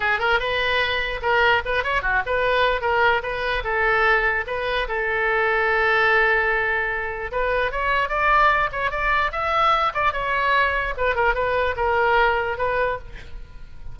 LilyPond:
\new Staff \with { instrumentName = "oboe" } { \time 4/4 \tempo 4 = 148 gis'8 ais'8 b'2 ais'4 | b'8 cis''8 fis'8 b'4. ais'4 | b'4 a'2 b'4 | a'1~ |
a'2 b'4 cis''4 | d''4. cis''8 d''4 e''4~ | e''8 d''8 cis''2 b'8 ais'8 | b'4 ais'2 b'4 | }